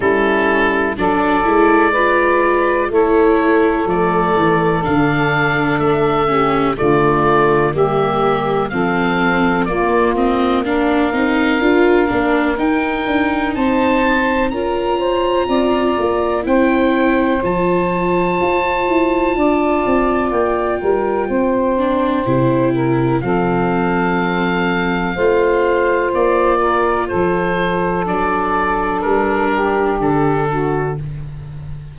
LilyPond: <<
  \new Staff \with { instrumentName = "oboe" } { \time 4/4 \tempo 4 = 62 a'4 d''2 cis''4 | d''4 f''4 e''4 d''4 | e''4 f''4 d''8 dis''8 f''4~ | f''4 g''4 a''4 ais''4~ |
ais''4 g''4 a''2~ | a''4 g''2. | f''2. d''4 | c''4 d''4 ais'4 a'4 | }
  \new Staff \with { instrumentName = "saxophone" } { \time 4/4 e'4 a'4 b'4 a'4~ | a'2~ a'8 g'8 f'4 | g'4 a'4 f'4 ais'4~ | ais'2 c''4 ais'8 c''8 |
d''4 c''2. | d''4. ais'8 c''4. ais'8 | a'2 c''4. ais'8 | a'2~ a'8 g'4 fis'8 | }
  \new Staff \with { instrumentName = "viola" } { \time 4/4 cis'4 d'8 e'8 f'4 e'4 | a4 d'4. cis'8 a4 | ais4 c'4 ais8 c'8 d'8 dis'8 | f'8 d'8 dis'2 f'4~ |
f'4 e'4 f'2~ | f'2~ f'8 d'8 e'4 | c'2 f'2~ | f'4 d'2. | }
  \new Staff \with { instrumentName = "tuba" } { \time 4/4 g4 fis8 gis4. a4 | f8 e8 d4 a4 d4 | g4 f4 ais4. c'8 | d'8 ais8 dis'8 d'8 c'4 cis'4 |
c'8 ais8 c'4 f4 f'8 e'8 | d'8 c'8 ais8 g8 c'4 c4 | f2 a4 ais4 | f4 fis4 g4 d4 | }
>>